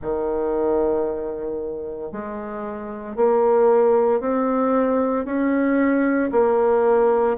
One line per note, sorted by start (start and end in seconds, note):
0.02 2.11 D#3
2.11 3.16 G#3
3.16 4.20 A#3
4.20 5.25 C4
5.25 6.30 C#4
6.32 7.37 A#3